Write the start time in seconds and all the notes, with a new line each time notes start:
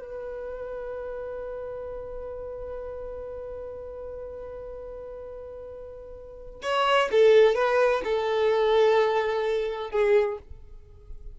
0.00 B4
6.62 C#5
7.11 A4
7.55 B4
8.04 A4
9.91 G#4